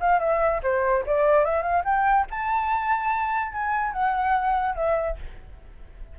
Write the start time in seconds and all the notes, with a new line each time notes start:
0.00 F5
0.20 E5
0.63 C5
1.06 D5
1.44 E5
1.62 F5
1.84 G5
2.30 A5
3.52 G#5
3.92 F#5
4.75 E5